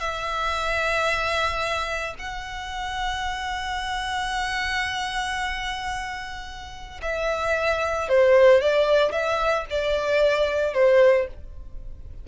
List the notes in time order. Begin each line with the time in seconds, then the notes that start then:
0.00 E5
2.19 F#5
7.02 E5
8.09 C5
8.61 D5
9.12 E5
9.70 D5
10.74 C5